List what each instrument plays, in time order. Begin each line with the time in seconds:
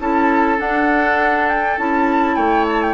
0.00 bassoon C#4, clarinet E4, oboe A4, flute A5
0.58 clarinet D4, bassoon D4, flute F#5
1.49 flute G5
1.78 bassoon C#4, clarinet E4, flute A5
2.36 bassoon A3, oboe C#5, flute G5
2.69 flute A5
2.83 flute G5